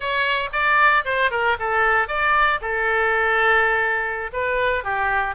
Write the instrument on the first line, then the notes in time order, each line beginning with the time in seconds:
oboe
0.00 C#5
0.52 D5
1.04 C5
1.30 A#4
1.59 A4
2.08 D5
2.61 A4
4.32 B4
4.84 G4